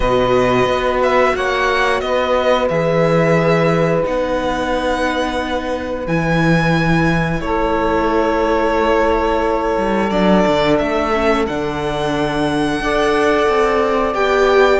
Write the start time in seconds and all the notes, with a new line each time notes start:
0.00 B2 F#4 B4 D#5
0.65 B3
1.02 E5
1.35 A#3 C#5 F#5
2.00 B3 B4 D#5
2.68 E3 G#4 E5
4.03 B3 D#4 F#5
6.06 E3 E4 G#5
7.40 A3 A4 C#5
9.77 G3
10.09 F#3 D4 D5
10.47 D3
10.78 A3 E5
11.13 C#4
11.46 D3 D4 F#5
12.79 D4 A4 D5
13.48 C4
14.13 B3 G4 G5